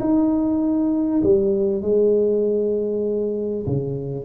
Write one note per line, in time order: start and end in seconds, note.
0.00 1.22 D#4
1.23 1.82 G3
1.82 3.65 G#3
3.66 4.25 C#3